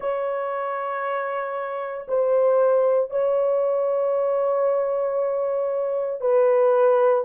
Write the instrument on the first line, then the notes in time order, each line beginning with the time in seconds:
horn
0.00 C#5
2.07 C5
3.10 C#5
6.20 B4